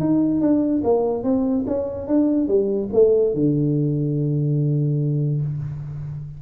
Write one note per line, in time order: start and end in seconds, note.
0.00 0.41 D#4
0.41 0.82 D4
0.84 1.24 A#3
1.24 1.65 C4
1.67 2.07 C#4
2.07 2.48 D4
2.48 2.89 G3
2.93 3.34 A3
3.34 5.41 D3